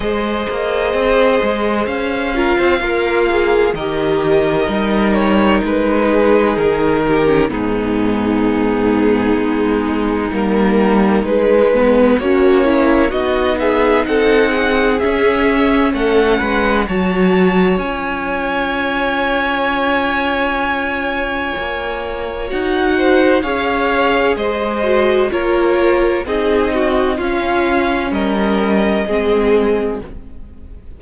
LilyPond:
<<
  \new Staff \with { instrumentName = "violin" } { \time 4/4 \tempo 4 = 64 dis''2 f''2 | dis''4. cis''8 b'4 ais'4 | gis'2. ais'4 | b'4 cis''4 dis''8 e''8 fis''4 |
e''4 fis''4 a''4 gis''4~ | gis''1 | fis''4 f''4 dis''4 cis''4 | dis''4 f''4 dis''2 | }
  \new Staff \with { instrumentName = "violin" } { \time 4/4 c''2~ c''8 ais'16 c''16 f'4 | ais'2~ ais'8 gis'4 g'8 | dis'1~ | dis'4 cis'4 fis'8 gis'8 a'8 gis'8~ |
gis'4 a'8 b'8 cis''2~ | cis''1~ | cis''8 c''8 cis''4 c''4 ais'4 | gis'8 fis'8 f'4 ais'4 gis'4 | }
  \new Staff \with { instrumentName = "viola" } { \time 4/4 gis'2~ gis'8 f'8 ais'8 gis'8 | g'4 dis'2~ dis'8. cis'16 | b2. ais4 | gis8 b8 fis'8 e'8 dis'2 |
cis'2 fis'4 f'4~ | f'1 | fis'4 gis'4. fis'8 f'4 | dis'4 cis'2 c'4 | }
  \new Staff \with { instrumentName = "cello" } { \time 4/4 gis8 ais8 c'8 gis8 cis'8. c'16 ais4 | dis4 g4 gis4 dis4 | gis,2 gis4 g4 | gis4 ais4 b4 c'4 |
cis'4 a8 gis8 fis4 cis'4~ | cis'2. ais4 | dis'4 cis'4 gis4 ais4 | c'4 cis'4 g4 gis4 | }
>>